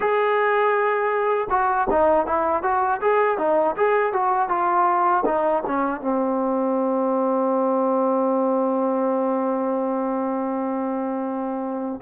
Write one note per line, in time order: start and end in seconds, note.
0.00 1.48 G#4
1.50 1.87 F#4
1.90 2.26 D#4
2.26 2.62 E4
2.62 3.00 F#4
3.01 3.38 G#4
3.38 3.75 D#4
3.76 4.12 G#4
4.12 4.49 F#4
4.49 5.24 F4
5.25 5.63 D#4
5.66 6.00 C#4
6.00 12.00 C4